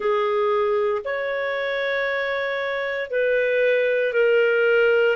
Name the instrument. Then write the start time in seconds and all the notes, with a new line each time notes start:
clarinet
0.00 G#4
1.04 C#5
3.10 B4
4.13 A#4